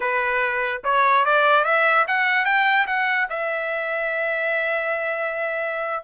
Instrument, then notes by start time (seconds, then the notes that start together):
trumpet
0.00 B4
0.84 C#5
1.25 D5
1.64 E5
2.07 F#5
2.45 G5
2.86 F#5
3.29 E5